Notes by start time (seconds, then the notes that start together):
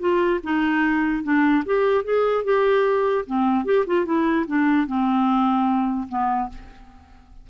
0.00 F4
0.44 D#4
1.24 D4
1.65 G4
2.04 G#4
2.45 G4
3.26 C4
3.65 G4
3.87 F4
4.06 E4
4.47 D4
4.87 C4
6.09 B3